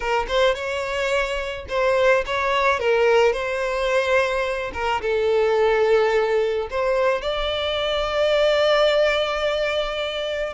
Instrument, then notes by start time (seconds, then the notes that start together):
violin
0.00 A#4
0.28 C5
0.54 C#5
1.68 C5
2.26 C#5
2.79 A#4
3.32 C5
4.73 A#4
5.01 A4
6.70 C5
7.21 D5